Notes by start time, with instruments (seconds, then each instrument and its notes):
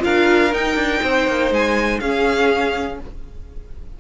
0.00 cello D4, viola F4, violin A#4 F5
0.53 viola D#4, cello D#4, violin G5
0.76 cello D4
1.02 cello C4, violin C5
1.27 cello A#3
1.51 cello G#3, violin G#5
2.00 cello C#4, viola C#4, violin G#4 F5